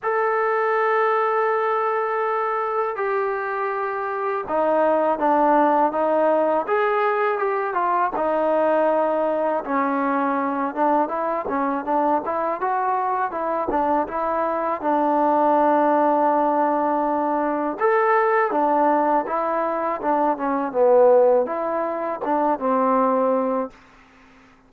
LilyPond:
\new Staff \with { instrumentName = "trombone" } { \time 4/4 \tempo 4 = 81 a'1 | g'2 dis'4 d'4 | dis'4 gis'4 g'8 f'8 dis'4~ | dis'4 cis'4. d'8 e'8 cis'8 |
d'8 e'8 fis'4 e'8 d'8 e'4 | d'1 | a'4 d'4 e'4 d'8 cis'8 | b4 e'4 d'8 c'4. | }